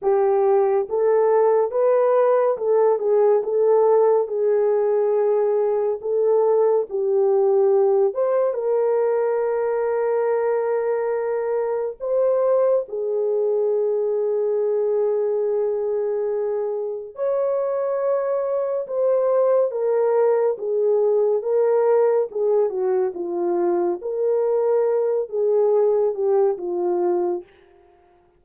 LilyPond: \new Staff \with { instrumentName = "horn" } { \time 4/4 \tempo 4 = 70 g'4 a'4 b'4 a'8 gis'8 | a'4 gis'2 a'4 | g'4. c''8 ais'2~ | ais'2 c''4 gis'4~ |
gis'1 | cis''2 c''4 ais'4 | gis'4 ais'4 gis'8 fis'8 f'4 | ais'4. gis'4 g'8 f'4 | }